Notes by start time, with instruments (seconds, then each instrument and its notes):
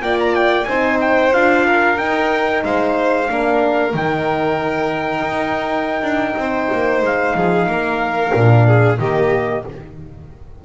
0.00 double bass A#3, horn F4, violin D5, trumpet G5
0.19 trumpet A#5
0.35 trumpet G5
0.64 double bass C4, horn D#4, violin C5, trumpet G#5
1.00 trumpet G5
1.32 double bass D4, horn F4, trumpet F5
1.66 violin A#4
1.97 double bass D#4, horn D#4, trumpet G5
2.63 double bass G#3, violin C5, trumpet F5
3.27 double bass A#3, horn D4, violin A#4
3.93 double bass D#3, horn D#4, trumpet G5
5.20 double bass D#4
6.02 double bass D4
6.36 double bass C4, violin C5
6.72 double bass A#3
7.02 double bass G#3, trumpet F5
7.35 double bass F3, violin G#4
7.66 double bass A#3, violin A#4
8.33 double bass A#2, horn D4
8.66 violin G#4
8.99 double bass D#3, horn A#3, violin G4, trumpet D#5